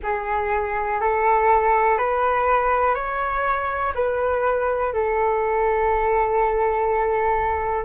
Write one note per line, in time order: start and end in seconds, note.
0.03 1.01 G#4
1.01 1.98 A4
1.98 2.94 B4
2.94 3.93 C#5
3.94 4.93 B4
4.93 7.84 A4